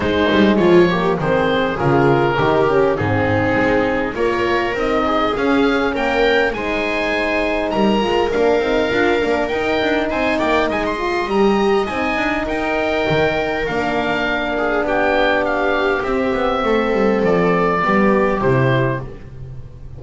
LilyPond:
<<
  \new Staff \with { instrumentName = "oboe" } { \time 4/4 \tempo 4 = 101 c''4 cis''4 c''4 ais'4~ | ais'4 gis'2 cis''4 | dis''4 f''4 g''4 gis''4~ | gis''4 ais''4 f''2 |
g''4 gis''8 g''8 gis''16 c'''8. ais''4 | gis''4 g''2 f''4~ | f''4 g''4 f''4 e''4~ | e''4 d''2 c''4 | }
  \new Staff \with { instrumentName = "viola" } { \time 4/4 dis'4 f'8 g'8 gis'2 | g'4 dis'2 ais'4~ | ais'8 gis'4. ais'4 c''4~ | c''4 ais'2.~ |
ais'4 c''8 d''8 dis''2~ | dis''4 ais'2.~ | ais'8 gis'8 g'2. | a'2 g'2 | }
  \new Staff \with { instrumentName = "horn" } { \time 4/4 gis4. ais8 c'4 f'4 | dis'8 cis'8 c'2 f'4 | dis'4 cis'2 dis'4~ | dis'4. f'8 d'8 dis'8 f'8 d'8 |
dis'2~ dis'8 f'8 g'4 | dis'2. d'4~ | d'2. c'4~ | c'2 b4 e'4 | }
  \new Staff \with { instrumentName = "double bass" } { \time 4/4 gis8 g8 f4 dis4 cis4 | dis4 gis,4 gis4 ais4 | c'4 cis'4 ais4 gis4~ | gis4 g8 gis8 ais8 c'8 d'8 ais8 |
dis'8 d'8 c'8 ais8 gis4 g4 | c'8 d'8 dis'4 dis4 ais4~ | ais4 b2 c'8 b8 | a8 g8 f4 g4 c4 | }
>>